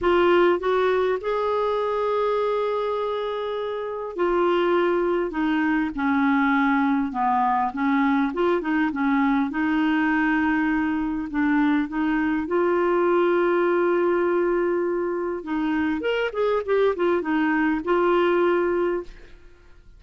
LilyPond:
\new Staff \with { instrumentName = "clarinet" } { \time 4/4 \tempo 4 = 101 f'4 fis'4 gis'2~ | gis'2. f'4~ | f'4 dis'4 cis'2 | b4 cis'4 f'8 dis'8 cis'4 |
dis'2. d'4 | dis'4 f'2.~ | f'2 dis'4 ais'8 gis'8 | g'8 f'8 dis'4 f'2 | }